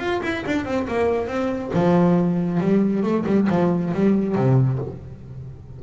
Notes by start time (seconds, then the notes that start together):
0.00 F4
0.23 E4
0.47 D4
0.66 C4
0.88 A#3
1.28 C4
1.74 F3
2.61 G3
3.04 A3
3.27 G3
3.50 F3
3.94 G3
4.36 C3